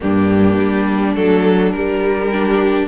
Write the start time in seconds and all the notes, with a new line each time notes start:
0.00 G2 A#3 D4 G4
0.58 G3
1.14 F#3 A3 A4
1.72 G3 A#4
2.32 D4 G4